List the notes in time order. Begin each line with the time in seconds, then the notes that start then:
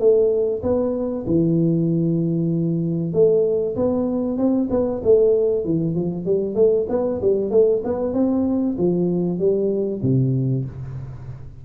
0.00 A3
0.63 B3
1.27 E3
3.14 A3
3.76 B3
4.38 C4
4.70 B3
5.04 A3
5.65 E3
5.96 F3
6.26 G3
6.56 A3
6.90 B3
7.22 G3
7.51 A3
7.85 B3
8.14 C4
8.78 F3
9.39 G3
10.03 C3